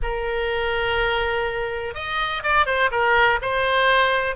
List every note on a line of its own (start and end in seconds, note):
0.02 1.94 A#4
1.94 2.42 D#5
2.43 2.65 D5
2.65 2.90 C5
2.91 3.39 A#4
3.41 4.35 C5